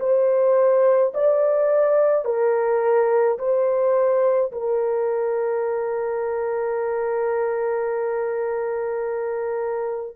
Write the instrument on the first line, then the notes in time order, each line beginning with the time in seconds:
horn
0.00 C5
1.14 D5
2.25 A#4
3.39 C5
4.52 A#4